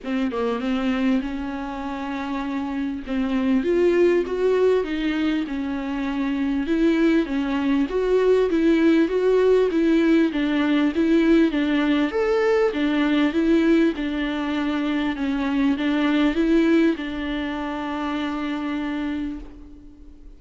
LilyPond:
\new Staff \with { instrumentName = "viola" } { \time 4/4 \tempo 4 = 99 c'8 ais8 c'4 cis'2~ | cis'4 c'4 f'4 fis'4 | dis'4 cis'2 e'4 | cis'4 fis'4 e'4 fis'4 |
e'4 d'4 e'4 d'4 | a'4 d'4 e'4 d'4~ | d'4 cis'4 d'4 e'4 | d'1 | }